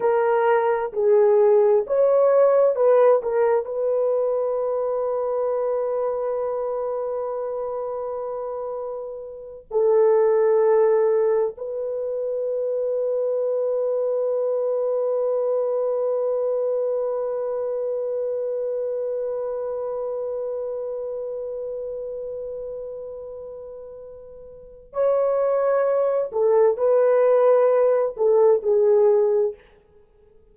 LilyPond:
\new Staff \with { instrumentName = "horn" } { \time 4/4 \tempo 4 = 65 ais'4 gis'4 cis''4 b'8 ais'8 | b'1~ | b'2~ b'8 a'4.~ | a'8 b'2.~ b'8~ |
b'1~ | b'1~ | b'2. cis''4~ | cis''8 a'8 b'4. a'8 gis'4 | }